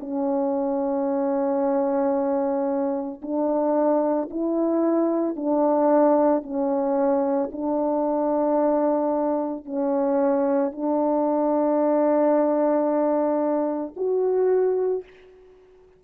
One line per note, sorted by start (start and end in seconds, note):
0.00 3.21 C#4
3.22 4.30 D4
4.30 5.36 E4
5.36 6.43 D4
6.43 7.50 C#4
7.52 9.65 D4
9.65 10.72 C#4
10.72 13.94 D4
13.96 15.03 F#4